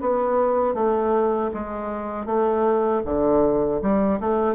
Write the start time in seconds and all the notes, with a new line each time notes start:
0.00 B3
0.74 A3
1.54 G#3
2.25 A3
3.04 D3
3.81 G3
4.20 A3